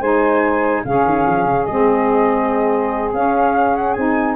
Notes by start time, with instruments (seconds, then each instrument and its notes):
0.00 tuba G#3, saxophone D#4 C5, flute G#5
0.84 tuba C#3, saxophone C#4 G#4, flute F5
1.04 tuba D#3
1.26 tuba F3
1.45 tuba C#3
1.65 tuba G#3, saxophone C4, flute D#5
3.13 tuba C#4, saxophone C#4, flute F5
3.76 flute F#5
3.93 tuba C4, saxophone D#4, flute G#5